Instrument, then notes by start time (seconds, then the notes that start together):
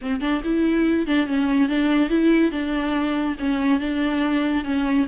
viola
0.01 C4
0.20 D4
0.43 E4
1.06 D4
1.26 C#4
1.68 D4
2.09 E4
2.51 D4
3.39 C#4
3.80 D4
4.64 C#4